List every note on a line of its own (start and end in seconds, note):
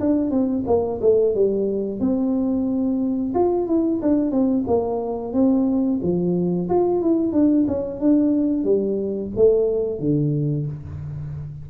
0.00 0.31 D4
0.31 0.64 C4
0.67 1.00 A#3
1.02 1.35 A3
1.35 2.00 G3
2.00 3.34 C4
3.35 3.67 F4
3.67 4.01 E4
4.02 4.31 D4
4.31 4.65 C4
4.67 5.33 A#3
5.33 6.00 C4
6.02 6.69 F3
6.69 7.02 F4
7.02 7.33 E4
7.33 7.66 D4
7.68 8.00 C#4
8.00 8.64 D4
8.64 9.31 G3
9.36 10.00 A3
10.00 10.66 D3